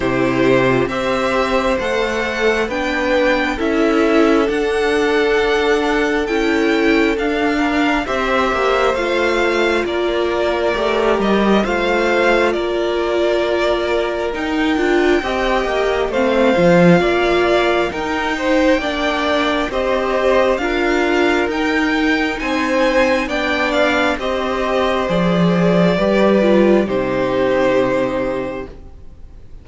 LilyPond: <<
  \new Staff \with { instrumentName = "violin" } { \time 4/4 \tempo 4 = 67 c''4 e''4 fis''4 g''4 | e''4 fis''2 g''4 | f''4 e''4 f''4 d''4~ | d''8 dis''8 f''4 d''2 |
g''2 f''2 | g''2 dis''4 f''4 | g''4 gis''4 g''8 f''8 dis''4 | d''2 c''2 | }
  \new Staff \with { instrumentName = "violin" } { \time 4/4 g'4 c''2 b'4 | a'1~ | a'8 ais'8 c''2 ais'4~ | ais'4 c''4 ais'2~ |
ais'4 dis''4 c''4 d''4 | ais'8 c''8 d''4 c''4 ais'4~ | ais'4 c''4 d''4 c''4~ | c''4 b'4 g'2 | }
  \new Staff \with { instrumentName = "viola" } { \time 4/4 e'8. f'16 g'4 a'4 d'4 | e'4 d'2 e'4 | d'4 g'4 f'2 | g'4 f'2. |
dis'8 f'8 g'4 c'8 f'4. | dis'4 d'4 g'4 f'4 | dis'2 d'4 g'4 | gis'4 g'8 f'8 dis'2 | }
  \new Staff \with { instrumentName = "cello" } { \time 4/4 c4 c'4 a4 b4 | cis'4 d'2 cis'4 | d'4 c'8 ais8 a4 ais4 | a8 g8 a4 ais2 |
dis'8 d'8 c'8 ais8 a8 f8 ais4 | dis'4 ais4 c'4 d'4 | dis'4 c'4 b4 c'4 | f4 g4 c2 | }
>>